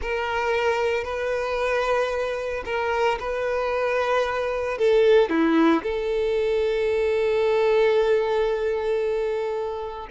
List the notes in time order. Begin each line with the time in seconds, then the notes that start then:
0.01 A#4
1.04 B4
2.65 A#4
3.19 B4
4.78 A4
5.29 E4
5.83 A4